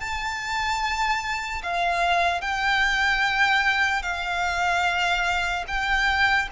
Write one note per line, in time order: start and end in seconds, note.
0.00 1.62 A5
1.63 2.41 F5
2.41 4.02 G5
4.02 5.65 F5
5.68 6.49 G5